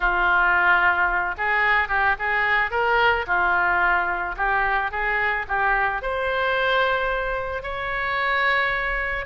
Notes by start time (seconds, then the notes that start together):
0.00 F4
1.37 G#4
1.88 G4
2.18 G#4
2.70 A#4
3.26 F4
4.36 G4
4.91 G#4
5.48 G4
6.01 C5
7.62 C#5